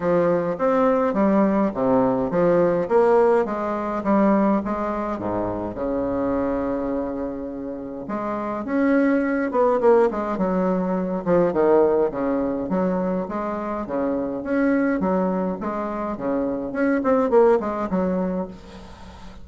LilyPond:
\new Staff \with { instrumentName = "bassoon" } { \time 4/4 \tempo 4 = 104 f4 c'4 g4 c4 | f4 ais4 gis4 g4 | gis4 gis,4 cis2~ | cis2 gis4 cis'4~ |
cis'8 b8 ais8 gis8 fis4. f8 | dis4 cis4 fis4 gis4 | cis4 cis'4 fis4 gis4 | cis4 cis'8 c'8 ais8 gis8 fis4 | }